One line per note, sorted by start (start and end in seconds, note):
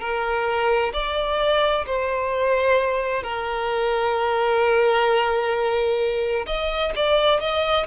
0.00 0.92 A#4
0.93 1.85 D5
1.86 3.23 C5
3.23 6.46 A#4
6.46 6.92 D#5
6.96 7.40 D5
7.40 7.86 D#5